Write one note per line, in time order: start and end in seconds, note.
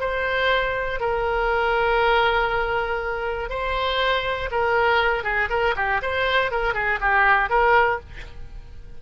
0.00 1.00 C5
1.00 3.50 A#4
3.50 4.50 C5
4.51 5.23 A#4
5.23 5.48 G#4
5.50 5.75 A#4
5.76 6.01 G4
6.02 6.51 C5
6.51 6.74 A#4
6.74 6.99 G#4
7.01 7.50 G4
7.50 8.00 A#4